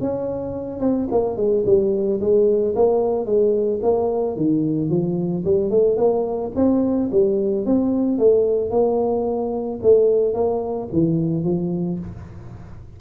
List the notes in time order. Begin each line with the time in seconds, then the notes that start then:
0.00 C#4
0.80 C4
1.11 A#3
1.36 G#3
1.65 G3
2.20 G#3
2.75 A#3
3.25 G#3
3.82 A#3
4.36 D#3
4.89 F3
5.44 G3
5.70 A3
5.97 A#3
6.55 C4
7.11 G3
7.65 C4
8.18 A3
8.70 A#3
9.82 A3
10.33 A#3
10.92 E3
11.44 F3